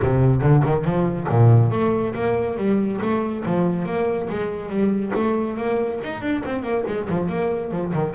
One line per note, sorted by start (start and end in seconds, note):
0.02 0.41 C3
0.41 0.63 D3
0.65 0.84 D#3
0.84 1.27 F3
1.29 1.71 A#2
1.71 2.14 A3
2.14 2.57 A#3
2.57 3.00 G3
3.01 3.44 A3
3.45 3.85 F3
3.85 4.28 A#3
4.29 4.69 G#3
4.69 5.12 G3
5.14 5.57 A3
5.57 6.00 A#3
6.03 6.21 D#4
6.21 6.42 D4
6.44 6.63 C4
6.63 6.84 A#3
6.87 7.08 G#3
7.09 7.28 F3
7.28 7.71 A#3
7.71 7.92 F3
7.93 8.14 D#3